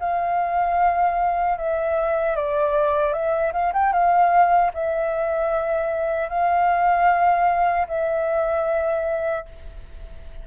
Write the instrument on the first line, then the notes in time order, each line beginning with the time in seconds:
flute
0.00 F5
1.58 E5
2.36 D5
3.13 E5
3.53 F5
3.73 G5
3.93 F5
4.74 E5
6.29 F5
7.88 E5